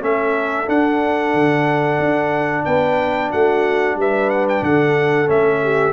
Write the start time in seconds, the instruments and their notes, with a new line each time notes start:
0.00 tuba A3, trombone C#4, horn A4, trumpet E5
0.66 trombone D4, tuba D4, trumpet F#5
1.34 tuba D3
1.99 tuba D4
2.65 tuba B3, horn B4, trumpet G5
3.30 tuba A3, horn F#4, trumpet F#5
3.96 tuba G3, horn B4, trumpet E5
4.30 trumpet F#5
4.49 trumpet G5
4.62 tuba D3, horn A4, trumpet F#5
5.26 tuba A3, trombone C#4, trumpet E5
5.63 horn G4